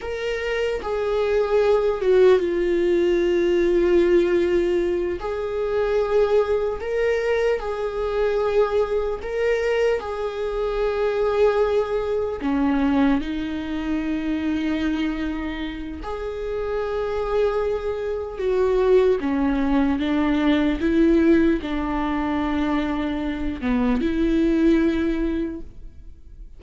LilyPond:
\new Staff \with { instrumentName = "viola" } { \time 4/4 \tempo 4 = 75 ais'4 gis'4. fis'8 f'4~ | f'2~ f'8 gis'4.~ | gis'8 ais'4 gis'2 ais'8~ | ais'8 gis'2. cis'8~ |
cis'8 dis'2.~ dis'8 | gis'2. fis'4 | cis'4 d'4 e'4 d'4~ | d'4. b8 e'2 | }